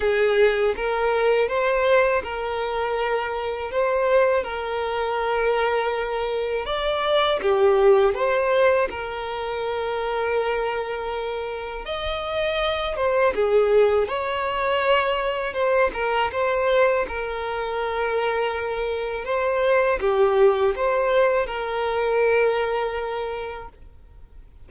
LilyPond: \new Staff \with { instrumentName = "violin" } { \time 4/4 \tempo 4 = 81 gis'4 ais'4 c''4 ais'4~ | ais'4 c''4 ais'2~ | ais'4 d''4 g'4 c''4 | ais'1 |
dis''4. c''8 gis'4 cis''4~ | cis''4 c''8 ais'8 c''4 ais'4~ | ais'2 c''4 g'4 | c''4 ais'2. | }